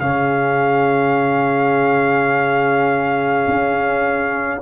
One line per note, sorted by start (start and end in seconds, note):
0.00 3.46 C#3
0.00 4.62 C#4
0.00 4.62 G#4
0.00 4.62 F5
3.48 4.62 C#4